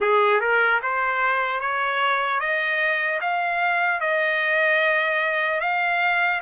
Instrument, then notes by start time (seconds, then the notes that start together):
trumpet
0.00 G#4
0.40 A#4
0.82 C5
1.60 C#5
2.40 D#5
3.20 F5
4.00 D#5
5.60 F5